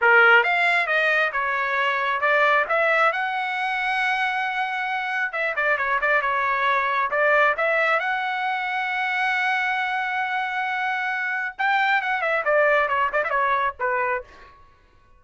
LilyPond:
\new Staff \with { instrumentName = "trumpet" } { \time 4/4 \tempo 4 = 135 ais'4 f''4 dis''4 cis''4~ | cis''4 d''4 e''4 fis''4~ | fis''1 | e''8 d''8 cis''8 d''8 cis''2 |
d''4 e''4 fis''2~ | fis''1~ | fis''2 g''4 fis''8 e''8 | d''4 cis''8 d''16 e''16 cis''4 b'4 | }